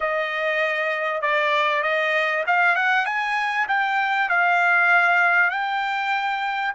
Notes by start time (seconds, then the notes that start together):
0.00 D#5
1.21 D5
1.83 D#5
2.47 F5
2.75 F#5
3.05 G#5
3.67 G5
4.29 F5
5.50 G5